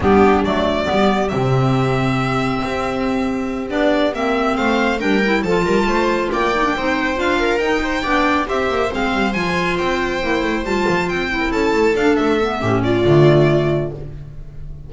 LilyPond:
<<
  \new Staff \with { instrumentName = "violin" } { \time 4/4 \tempo 4 = 138 g'4 d''2 e''4~ | e''1~ | e''8 d''4 e''4 f''4 g''8~ | g''8 a''2 g''4.~ |
g''8 f''4 g''2 e''8~ | e''8 f''4 gis''4 g''4.~ | g''8 a''4 g''4 a''4 f''8 | e''4. d''2~ d''8 | }
  \new Staff \with { instrumentName = "viola" } { \time 4/4 d'2 g'2~ | g'1~ | g'2~ g'8 c''4 ais'8~ | ais'8 a'8 ais'8 c''4 d''4 c''8~ |
c''4 ais'4 c''8 d''4 c''8~ | c''1~ | c''2~ c''16 ais'16 a'4.~ | a'4 g'8 f'2~ f'8 | }
  \new Staff \with { instrumentName = "clarinet" } { \time 4/4 b4 a4 b4 c'4~ | c'1~ | c'8 d'4 c'2 d'8 | e'8 f'2~ f'8 dis'16 d'16 dis'8~ |
dis'8 f'4 dis'4 d'4 g'8~ | g'8 c'4 f'2 e'8~ | e'8 f'4. e'4. d'8~ | d'8 b8 cis'4 a2 | }
  \new Staff \with { instrumentName = "double bass" } { \time 4/4 g4 fis4 g4 c4~ | c2 c'2~ | c'8 b4 ais4 a4 g8~ | g8 f8 g8 a4 ais4 c'8~ |
c'8 d'4 dis'4 b4 c'8 | ais8 gis8 g8 f4 c'4 ais8 | a8 g8 f8 c'4 cis'8 a8 d'8 | a4 a,4 d2 | }
>>